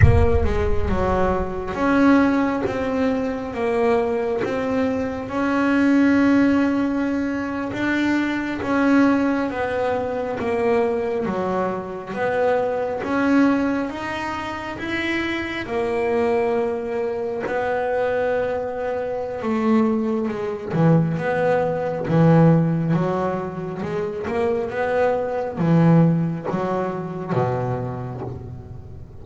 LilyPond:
\new Staff \with { instrumentName = "double bass" } { \time 4/4 \tempo 4 = 68 ais8 gis8 fis4 cis'4 c'4 | ais4 c'4 cis'2~ | cis'8. d'4 cis'4 b4 ais16~ | ais8. fis4 b4 cis'4 dis'16~ |
dis'8. e'4 ais2 b16~ | b2 a4 gis8 e8 | b4 e4 fis4 gis8 ais8 | b4 e4 fis4 b,4 | }